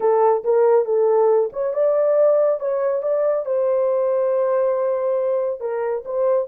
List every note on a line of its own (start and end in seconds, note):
0.00 0.43 A4
0.43 0.85 A#4
0.85 1.50 A4
1.52 1.73 C#5
1.73 2.59 D5
2.59 3.02 C#5
3.02 3.45 D5
3.45 5.60 C5
5.60 6.03 A#4
6.05 6.47 C5